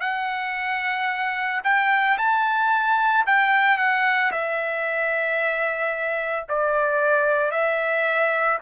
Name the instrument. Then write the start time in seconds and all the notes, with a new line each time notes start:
trumpet
0.00 F#5
1.64 G5
2.18 A5
3.26 G5
3.77 F#5
4.31 E5
6.49 D5
7.51 E5